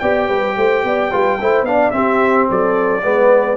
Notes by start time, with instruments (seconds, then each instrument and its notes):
0.00 tuba B3, trombone G4, horn D5, trumpet G5
0.28 tuba G3, horn B4
0.57 tuba A3, horn C5
0.84 tuba B3, horn D5
1.11 tuba G3, trombone F4, horn B4
1.41 tuba A3, trombone E4, horn C5
1.62 tuba B3, trombone D4, trumpet F5
1.69 horn D5
1.91 trombone C4, tuba C4, horn G4, trumpet E5
2.49 tuba F#3, horn A4, trumpet D5
3.03 tuba G#3, trombone B3, horn B4